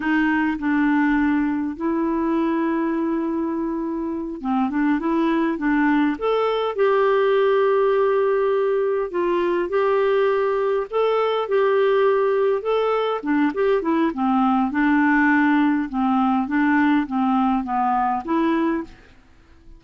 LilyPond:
\new Staff \with { instrumentName = "clarinet" } { \time 4/4 \tempo 4 = 102 dis'4 d'2 e'4~ | e'2.~ e'8 c'8 | d'8 e'4 d'4 a'4 g'8~ | g'2.~ g'8 f'8~ |
f'8 g'2 a'4 g'8~ | g'4. a'4 d'8 g'8 e'8 | c'4 d'2 c'4 | d'4 c'4 b4 e'4 | }